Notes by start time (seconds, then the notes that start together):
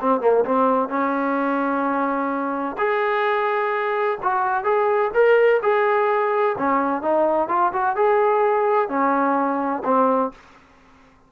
0.00 C4
0.20 A#3
0.44 C4
0.88 C#4
2.77 G#4
4.23 F#4
4.64 G#4
5.13 A#4
5.62 G#4
6.58 C#4
7.02 D#4
7.48 F4
7.73 F#4
7.96 G#4
8.88 C#4
9.84 C4